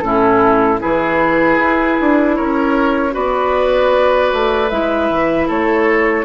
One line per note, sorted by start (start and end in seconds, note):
0.00 0.80 A2
0.00 0.80 C#4
0.00 0.81 E4
0.00 0.78 A4
0.80 1.59 E3
0.80 3.12 E4
0.80 2.37 G#4
0.80 2.36 B4
1.59 1.98 E4
2.01 2.40 D4
2.36 3.16 C#4
2.36 3.14 A#4
2.36 3.13 C#5
3.12 4.32 B3
3.12 4.67 F#4
3.12 5.48 B4
3.12 4.70 D5
4.33 4.71 A3
4.70 5.10 G#3
4.70 6.25 E4
4.70 5.48 E5
5.10 5.49 E3
5.48 6.25 A3
5.48 6.25 A4
5.48 6.25 C#5